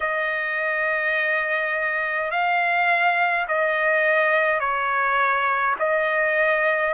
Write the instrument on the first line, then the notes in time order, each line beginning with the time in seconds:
trumpet
0.00 D#5
2.31 F5
3.48 D#5
4.59 C#5
5.79 D#5